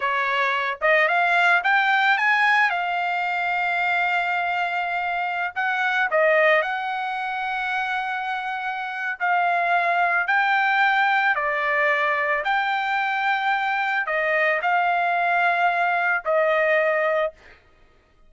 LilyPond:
\new Staff \with { instrumentName = "trumpet" } { \time 4/4 \tempo 4 = 111 cis''4. dis''8 f''4 g''4 | gis''4 f''2.~ | f''2~ f''16 fis''4 dis''8.~ | dis''16 fis''2.~ fis''8.~ |
fis''4 f''2 g''4~ | g''4 d''2 g''4~ | g''2 dis''4 f''4~ | f''2 dis''2 | }